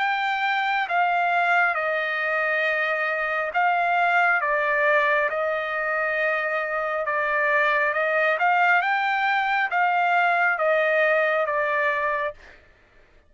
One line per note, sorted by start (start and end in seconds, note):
0.00 0.88 G5
0.89 1.75 F5
1.75 3.51 D#5
3.54 4.41 F5
4.41 5.29 D5
5.30 7.06 D#5
7.06 7.94 D5
7.94 8.38 D#5
8.39 8.82 F5
8.82 9.70 G5
9.71 10.58 F5
10.58 11.47 D#5
11.47 12.35 D5